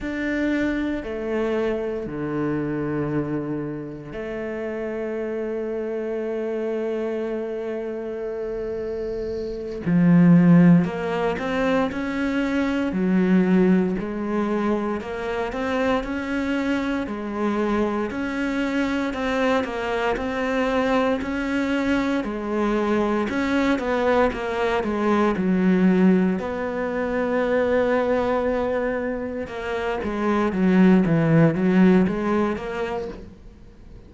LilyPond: \new Staff \with { instrumentName = "cello" } { \time 4/4 \tempo 4 = 58 d'4 a4 d2 | a1~ | a4. f4 ais8 c'8 cis'8~ | cis'8 fis4 gis4 ais8 c'8 cis'8~ |
cis'8 gis4 cis'4 c'8 ais8 c'8~ | c'8 cis'4 gis4 cis'8 b8 ais8 | gis8 fis4 b2~ b8~ | b8 ais8 gis8 fis8 e8 fis8 gis8 ais8 | }